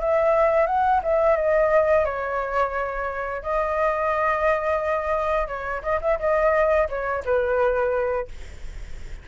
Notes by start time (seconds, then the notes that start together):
0.00 E5
0.66 F#5
1.03 E5
1.36 D#5
2.05 C#5
3.42 D#5
5.47 C#5
5.82 D#5
6.01 E5
6.19 D#5
6.89 C#5
7.24 B4